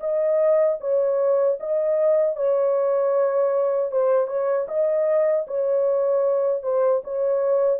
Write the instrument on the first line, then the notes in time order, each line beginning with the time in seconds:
horn
0.00 D#5
0.80 C#5
1.60 D#5
2.36 C#5
3.92 C5
4.28 C#5
4.68 D#5
5.47 C#5
6.63 C5
7.04 C#5